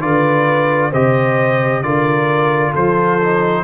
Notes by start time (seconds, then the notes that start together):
0.00 D3 F4 B4 D5
0.91 C3 G4 C5 D#5
1.81 D3 F4 A#4 D5
2.71 F3 A4 C5
3.20 D#4